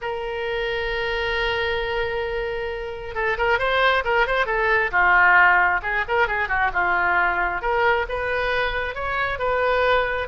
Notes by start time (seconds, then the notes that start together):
0.01 A#4
3.14 A4
3.37 A#4
3.58 C5
4.04 A#4
4.26 C5
4.46 A4
4.91 F4
5.82 G#4
6.08 A#4
6.27 G#4
6.48 F#4
6.73 F4
7.61 A#4
8.08 B4
8.95 C#5
9.38 B4